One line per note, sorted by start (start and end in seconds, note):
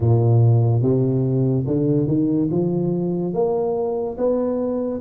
0.00 0.81 A#2
0.81 1.65 C3
1.67 2.07 D3
2.07 2.48 D#3
2.51 3.33 F3
3.33 4.17 A#3
4.17 5.00 B3